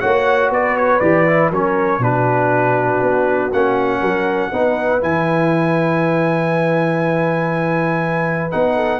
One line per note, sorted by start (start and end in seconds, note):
0.00 0.50 A#3
0.00 1.01 F#4
0.00 0.50 C#5
0.00 0.50 F#5
0.50 1.00 B3
0.50 1.50 B4
0.50 0.77 D5
0.77 1.00 C#5
1.00 1.51 E3
1.00 1.26 G4
1.00 1.50 D5
1.27 1.52 E4
1.50 1.99 F#3
1.50 2.01 C#4
1.50 2.00 A#4
1.50 2.03 C#5
1.99 2.99 B2
1.99 3.51 D4
1.99 4.00 F#4
1.99 3.53 B4
3.02 3.52 B3
3.53 4.01 A#3
3.53 4.52 C#4
3.53 5.02 F#5
4.00 4.51 F#3
4.00 4.50 A#4
4.52 5.02 B3
4.52 5.01 D#4
4.52 8.75 B4
5.01 8.52 E3
5.01 8.51 E4
5.01 8.51 G#5
8.51 9.00 B3
8.51 9.00 D#4
8.51 9.00 F#5
8.75 9.00 A4